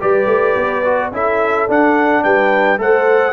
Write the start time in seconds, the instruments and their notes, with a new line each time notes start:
0.00 tuba G3, trombone G4, horn B4, trumpet D5
0.26 tuba A3
0.56 tuba B3
0.84 trombone F#4
1.12 tuba C#4, trombone E4, horn A4, trumpet E5
1.68 trombone D4, tuba D4, trumpet F#5
2.23 tuba G3, horn B4, trumpet G5
2.78 tuba A3, trombone A4, horn C5, trumpet F#5